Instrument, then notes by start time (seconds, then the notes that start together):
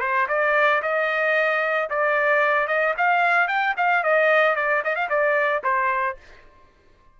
trumpet
0.00 C5
0.28 D5
0.82 D#5
1.89 D5
2.67 D#5
2.97 F5
3.47 G5
3.77 F5
4.03 D#5
4.55 D5
4.84 D#5
4.95 F5
5.09 D5
5.63 C5